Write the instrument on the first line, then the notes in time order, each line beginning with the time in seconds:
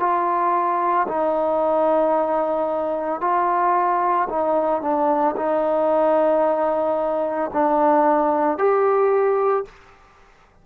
trombone
0.00 F4
1.08 D#4
3.21 F4
4.30 D#4
4.82 D4
5.37 D#4
7.54 D4
8.58 G4